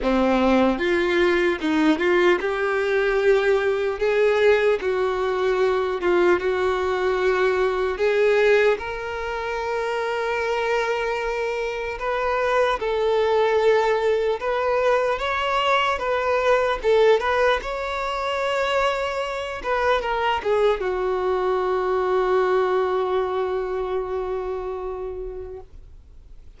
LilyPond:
\new Staff \with { instrumentName = "violin" } { \time 4/4 \tempo 4 = 75 c'4 f'4 dis'8 f'8 g'4~ | g'4 gis'4 fis'4. f'8 | fis'2 gis'4 ais'4~ | ais'2. b'4 |
a'2 b'4 cis''4 | b'4 a'8 b'8 cis''2~ | cis''8 b'8 ais'8 gis'8 fis'2~ | fis'1 | }